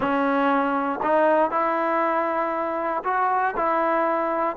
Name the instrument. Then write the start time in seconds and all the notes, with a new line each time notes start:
trombone
0.00 C#4
1.02 D#4
1.50 E4
3.04 F#4
3.56 E4